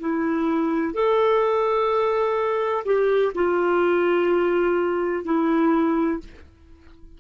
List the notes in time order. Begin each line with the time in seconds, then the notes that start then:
0.00 E4
0.94 A4
2.85 G4
3.35 F4
5.25 E4